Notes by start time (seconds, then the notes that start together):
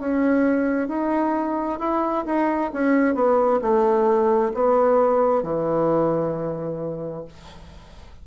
0.00 C#4
0.88 D#4
1.79 E4
2.26 D#4
2.74 C#4
3.15 B3
3.62 A3
4.54 B3
5.43 E3